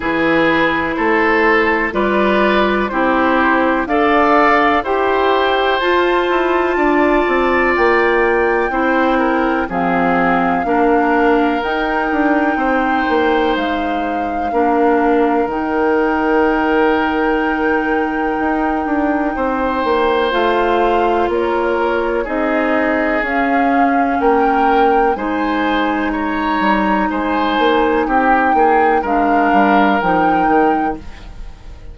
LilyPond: <<
  \new Staff \with { instrumentName = "flute" } { \time 4/4 \tempo 4 = 62 b'4 c''4 d''4 c''4 | f''4 g''4 a''2 | g''2 f''2 | g''2 f''2 |
g''1~ | g''4 f''4 cis''4 dis''4 | f''4 g''4 gis''4 ais''4 | gis''4 g''4 f''4 g''4 | }
  \new Staff \with { instrumentName = "oboe" } { \time 4/4 gis'4 a'4 b'4 g'4 | d''4 c''2 d''4~ | d''4 c''8 ais'8 gis'4 ais'4~ | ais'4 c''2 ais'4~ |
ais'1 | c''2 ais'4 gis'4~ | gis'4 ais'4 c''4 cis''4 | c''4 g'8 gis'8 ais'2 | }
  \new Staff \with { instrumentName = "clarinet" } { \time 4/4 e'2 f'4 e'4 | a'4 g'4 f'2~ | f'4 e'4 c'4 d'4 | dis'2. d'4 |
dis'1~ | dis'4 f'2 dis'4 | cis'2 dis'2~ | dis'2 d'4 dis'4 | }
  \new Staff \with { instrumentName = "bassoon" } { \time 4/4 e4 a4 g4 c'4 | d'4 e'4 f'8 e'8 d'8 c'8 | ais4 c'4 f4 ais4 | dis'8 d'8 c'8 ais8 gis4 ais4 |
dis2. dis'8 d'8 | c'8 ais8 a4 ais4 c'4 | cis'4 ais4 gis4. g8 | gis8 ais8 c'8 ais8 gis8 g8 f8 dis8 | }
>>